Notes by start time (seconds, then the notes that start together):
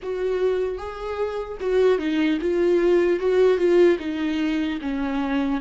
0.02 F#4
0.78 G#4
1.60 F#4
1.98 D#4
2.41 F4
3.19 F#4
3.57 F4
3.99 D#4
4.81 C#4